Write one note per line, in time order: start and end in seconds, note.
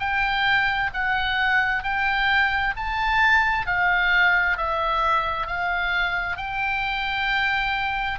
0.00 0.91 G5
0.94 1.83 F#5
1.83 2.74 G5
2.77 3.67 A5
3.67 4.57 F5
4.57 5.47 E5
5.47 6.37 F5
6.37 8.19 G5